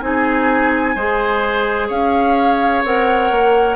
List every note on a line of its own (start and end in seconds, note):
0.00 0.95 C4
0.00 0.95 D#4
0.00 1.88 G#5
0.06 0.96 G#4
0.96 1.90 G#3
0.96 2.86 G#4
0.96 1.88 C5
1.88 2.84 C#4
1.88 3.76 C#5
1.88 2.84 F5
2.84 3.31 C4
2.84 3.76 A#4
2.84 3.76 F#5
3.31 3.76 A#3